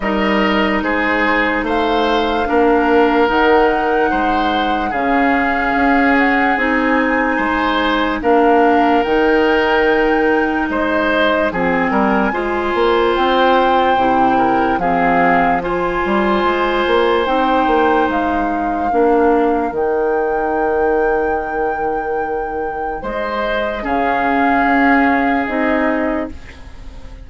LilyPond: <<
  \new Staff \with { instrumentName = "flute" } { \time 4/4 \tempo 4 = 73 dis''4 c''4 f''2 | fis''2 f''4. fis''8 | gis''2 f''4 g''4~ | g''4 dis''4 gis''2 |
g''2 f''4 gis''4~ | gis''4 g''4 f''2 | g''1 | dis''4 f''2 dis''4 | }
  \new Staff \with { instrumentName = "oboe" } { \time 4/4 ais'4 gis'4 c''4 ais'4~ | ais'4 c''4 gis'2~ | gis'4 c''4 ais'2~ | ais'4 c''4 gis'8 ais'8 c''4~ |
c''4. ais'8 gis'4 c''4~ | c''2. ais'4~ | ais'1 | c''4 gis'2. | }
  \new Staff \with { instrumentName = "clarinet" } { \time 4/4 dis'2. d'4 | dis'2 cis'2 | dis'2 d'4 dis'4~ | dis'2 c'4 f'4~ |
f'4 e'4 c'4 f'4~ | f'4 dis'2 d'4 | dis'1~ | dis'4 cis'2 dis'4 | }
  \new Staff \with { instrumentName = "bassoon" } { \time 4/4 g4 gis4 a4 ais4 | dis4 gis4 cis4 cis'4 | c'4 gis4 ais4 dis4~ | dis4 gis4 f8 g8 gis8 ais8 |
c'4 c4 f4. g8 | gis8 ais8 c'8 ais8 gis4 ais4 | dis1 | gis4 cis4 cis'4 c'4 | }
>>